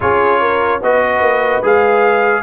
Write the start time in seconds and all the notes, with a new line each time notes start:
0.00 C#4 F4 G#4 C#5
0.40 A#4
0.82 B3 F#4 B4 D#5
1.21 A#3
1.62 G#3 G#4 F5